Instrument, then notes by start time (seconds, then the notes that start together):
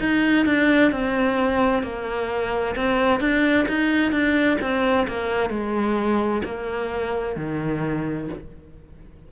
cello
0.00 D#4
0.46 D4
0.91 C4
1.83 A#3
2.76 C4
3.21 D4
3.68 D#4
4.12 D4
4.61 C4
5.08 A#3
5.50 G#3
6.45 A#3
7.37 D#3